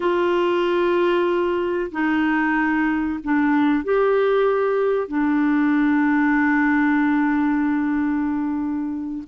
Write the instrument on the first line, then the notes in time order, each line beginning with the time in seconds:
clarinet
0.00 F4
1.91 D#4
3.23 D4
3.84 G4
5.08 D4